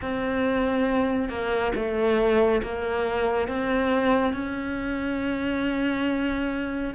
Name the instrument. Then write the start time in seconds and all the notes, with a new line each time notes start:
cello
0.01 C4
1.28 A#3
1.75 A3
2.62 A#3
3.47 C4
4.33 C#4